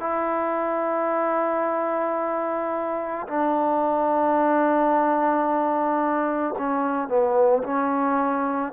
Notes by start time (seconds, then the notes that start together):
0.00 E4
3.27 D4
6.59 C#4
7.08 B3
7.64 C#4